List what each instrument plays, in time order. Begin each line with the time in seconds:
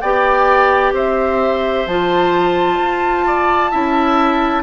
0.00 bassoon B3, clarinet G4, oboe D5, flute G5
0.92 bassoon C4, oboe C5, flute E5
1.86 bassoon F3, clarinet F4, flute A5
2.80 bassoon F4
3.26 oboe D5
3.71 bassoon C#4, clarinet E4, oboe E5